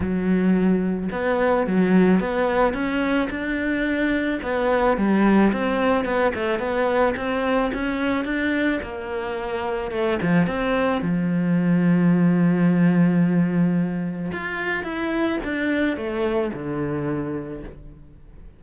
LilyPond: \new Staff \with { instrumentName = "cello" } { \time 4/4 \tempo 4 = 109 fis2 b4 fis4 | b4 cis'4 d'2 | b4 g4 c'4 b8 a8 | b4 c'4 cis'4 d'4 |
ais2 a8 f8 c'4 | f1~ | f2 f'4 e'4 | d'4 a4 d2 | }